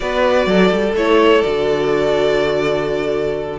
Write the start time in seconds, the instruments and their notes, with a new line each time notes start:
0.00 cello B3, viola F#4, violin B4 D5
0.46 cello F#3, violin A4
0.71 cello G3
0.94 cello A3, viola E4, violin C#5
1.42 cello D3, viola F#4, violin D5